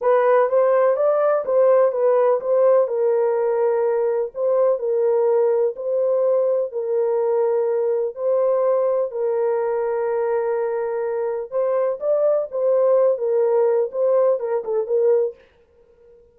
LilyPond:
\new Staff \with { instrumentName = "horn" } { \time 4/4 \tempo 4 = 125 b'4 c''4 d''4 c''4 | b'4 c''4 ais'2~ | ais'4 c''4 ais'2 | c''2 ais'2~ |
ais'4 c''2 ais'4~ | ais'1 | c''4 d''4 c''4. ais'8~ | ais'4 c''4 ais'8 a'8 ais'4 | }